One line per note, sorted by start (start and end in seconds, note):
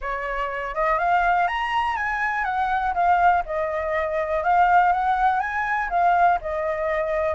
0.01 0.74 C#5
0.75 0.98 D#5
0.98 1.47 F5
1.47 1.96 A#5
1.96 2.44 G#5
2.44 2.93 F#5
2.94 3.43 F5
3.45 4.43 D#5
4.43 4.92 F5
4.92 5.39 F#5
5.39 5.89 G#5
5.89 6.38 F5
6.41 7.35 D#5